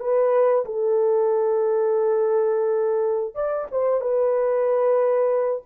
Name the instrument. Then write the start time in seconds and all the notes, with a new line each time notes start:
horn
0.00 B4
0.65 A4
3.35 D5
3.71 C5
4.01 B4